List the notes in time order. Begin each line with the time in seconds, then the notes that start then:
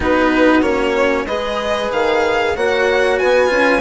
0.00 B3 D#4 F#4 B4
0.62 A#3 C#4 C#5
1.26 G#3 G#4 B4 D#5
1.91 D#3 F5
2.56 A#3 F#4 C#5 F#5
3.18 B3 B4 G#5
3.46 C#4 F4